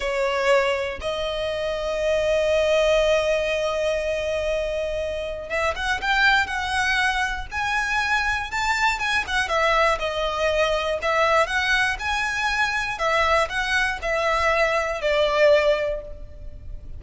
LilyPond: \new Staff \with { instrumentName = "violin" } { \time 4/4 \tempo 4 = 120 cis''2 dis''2~ | dis''1~ | dis''2. e''8 fis''8 | g''4 fis''2 gis''4~ |
gis''4 a''4 gis''8 fis''8 e''4 | dis''2 e''4 fis''4 | gis''2 e''4 fis''4 | e''2 d''2 | }